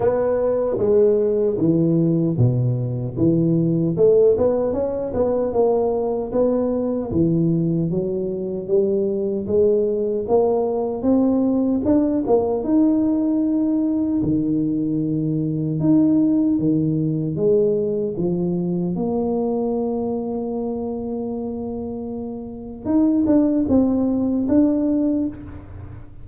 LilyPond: \new Staff \with { instrumentName = "tuba" } { \time 4/4 \tempo 4 = 76 b4 gis4 e4 b,4 | e4 a8 b8 cis'8 b8 ais4 | b4 e4 fis4 g4 | gis4 ais4 c'4 d'8 ais8 |
dis'2 dis2 | dis'4 dis4 gis4 f4 | ais1~ | ais4 dis'8 d'8 c'4 d'4 | }